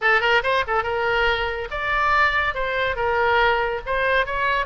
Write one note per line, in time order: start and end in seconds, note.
0.01 0.21 A4
0.21 0.42 A#4
0.43 0.64 C5
0.67 0.83 A4
0.83 1.68 A#4
1.71 2.54 D5
2.54 2.96 C5
2.96 3.81 A#4
3.85 4.26 C5
4.26 4.65 C#5